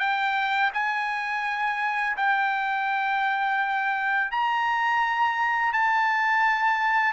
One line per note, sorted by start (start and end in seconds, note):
0.00 0.71 G5
0.74 2.17 G#5
2.17 4.31 G5
4.32 5.73 A#5
5.73 7.13 A5